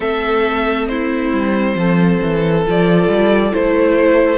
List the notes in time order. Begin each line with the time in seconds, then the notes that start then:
0.00 A3 C4 A4 E5
0.87 E4 C5
1.32 G3
1.75 F3 A4
2.22 E3
2.65 F3 F4 D5
3.08 G3
3.52 A3 E4 C5